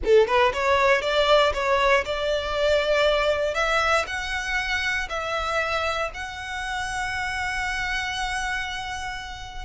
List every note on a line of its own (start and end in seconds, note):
0.04 0.27 A4
0.27 0.52 B4
0.53 1.01 C#5
1.01 1.52 D5
1.53 2.04 C#5
2.05 3.54 D5
3.54 4.05 E5
4.07 5.08 F#5
5.09 6.10 E5
6.14 9.65 F#5